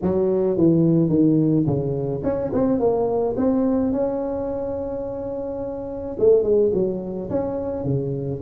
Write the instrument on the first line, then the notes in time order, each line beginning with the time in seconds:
tuba
0.02 F#3
0.57 E3
1.09 D#3
1.66 C#3
2.23 C#4
2.53 C4
2.79 A#3
3.36 C4
3.92 C#4
6.19 A3
6.43 G#3
6.73 F#3
7.30 C#4
7.84 C#3